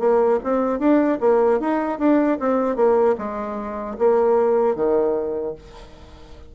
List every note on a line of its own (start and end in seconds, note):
0.00 0.39 A#3
0.44 0.79 C4
0.79 1.18 D4
1.21 1.60 A#3
1.60 1.99 D#4
1.99 2.39 D4
2.39 2.76 C4
2.76 3.16 A#3
3.18 3.97 G#3
3.99 4.76 A#3
4.76 5.55 D#3